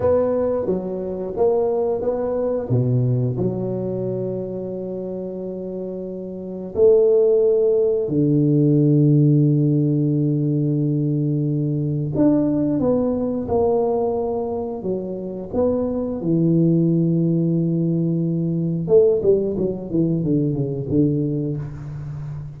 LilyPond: \new Staff \with { instrumentName = "tuba" } { \time 4/4 \tempo 4 = 89 b4 fis4 ais4 b4 | b,4 fis2.~ | fis2 a2 | d1~ |
d2 d'4 b4 | ais2 fis4 b4 | e1 | a8 g8 fis8 e8 d8 cis8 d4 | }